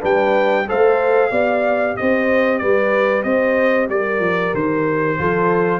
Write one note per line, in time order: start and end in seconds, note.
0.00 0.68 G3
0.00 0.65 D4
0.00 0.65 B4
0.00 0.69 G5
0.68 1.31 A3
0.68 1.31 A4
0.68 1.31 C5
0.68 1.97 F5
1.31 1.96 B3
1.31 5.18 G4
1.31 1.96 D5
1.97 2.62 C4
1.97 2.62 C5
1.97 2.58 D#5
2.58 3.24 G3
2.58 3.25 B4
2.58 3.23 D5
3.23 3.89 C4
3.23 3.90 C5
3.23 3.88 D#5
3.89 4.20 G3
3.89 5.19 A#4
3.89 4.55 D5
4.20 4.52 F3
4.54 5.19 D#3
4.54 5.80 C5
5.18 5.80 F3
5.18 5.80 F4
5.18 5.80 A4